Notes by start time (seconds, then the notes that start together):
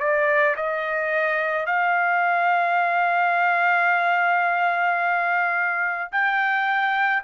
0.00 D5
0.57 D#5
1.67 F5
6.12 G5